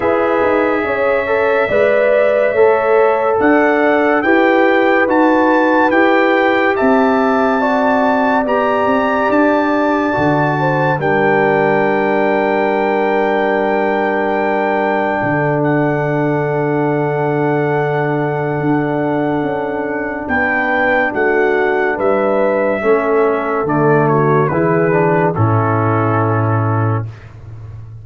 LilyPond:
<<
  \new Staff \with { instrumentName = "trumpet" } { \time 4/4 \tempo 4 = 71 e''1 | fis''4 g''4 a''4 g''4 | a''2 ais''4 a''4~ | a''4 g''2.~ |
g''2~ g''8 fis''4.~ | fis''1 | g''4 fis''4 e''2 | d''8 cis''8 b'4 a'2 | }
  \new Staff \with { instrumentName = "horn" } { \time 4/4 b'4 cis''4 d''4 cis''4 | d''4 b'2. | e''4 d''2.~ | d''8 c''8 ais'2.~ |
ais'2 a'2~ | a'1 | b'4 fis'4 b'4 a'4~ | a'8 fis'8 gis'4 e'2 | }
  \new Staff \with { instrumentName = "trombone" } { \time 4/4 gis'4. a'8 b'4 a'4~ | a'4 g'4 fis'4 g'4~ | g'4 fis'4 g'2 | fis'4 d'2.~ |
d'1~ | d'1~ | d'2. cis'4 | a4 e'8 d'8 cis'2 | }
  \new Staff \with { instrumentName = "tuba" } { \time 4/4 e'8 dis'8 cis'4 gis4 a4 | d'4 e'4 dis'4 e'4 | c'2 b8 c'8 d'4 | d4 g2.~ |
g2 d2~ | d2 d'4 cis'4 | b4 a4 g4 a4 | d4 e4 a,2 | }
>>